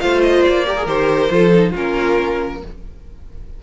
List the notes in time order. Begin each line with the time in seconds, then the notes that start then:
0.00 A3 F4 C5 F5
0.23 D#5
0.43 A#3 D5
0.66 G4 A#4
0.77 G#4
0.86 D#3 G4 C5
1.30 F3 F4 A4
1.53 D#4
1.72 A#3 C#4 F4 A#4